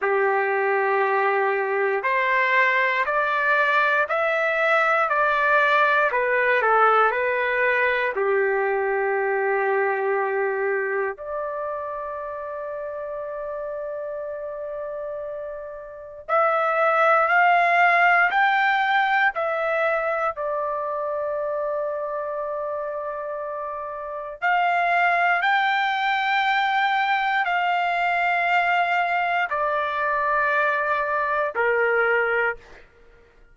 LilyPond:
\new Staff \with { instrumentName = "trumpet" } { \time 4/4 \tempo 4 = 59 g'2 c''4 d''4 | e''4 d''4 b'8 a'8 b'4 | g'2. d''4~ | d''1 |
e''4 f''4 g''4 e''4 | d''1 | f''4 g''2 f''4~ | f''4 d''2 ais'4 | }